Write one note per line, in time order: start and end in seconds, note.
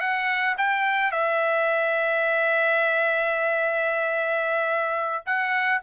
0.00 0.55 F#5
0.58 1.11 G5
1.11 5.24 E5
5.26 5.81 F#5